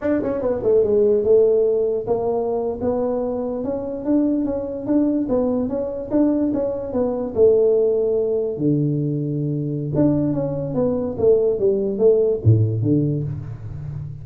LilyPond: \new Staff \with { instrumentName = "tuba" } { \time 4/4 \tempo 4 = 145 d'8 cis'8 b8 a8 gis4 a4~ | a4 ais4.~ ais16 b4~ b16~ | b8. cis'4 d'4 cis'4 d'16~ | d'8. b4 cis'4 d'4 cis'16~ |
cis'8. b4 a2~ a16~ | a8. d2.~ d16 | d'4 cis'4 b4 a4 | g4 a4 a,4 d4 | }